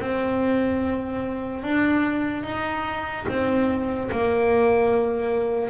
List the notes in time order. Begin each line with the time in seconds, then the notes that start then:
0.00 C4
1.63 D4
2.44 D#4
3.28 C4
4.12 A#3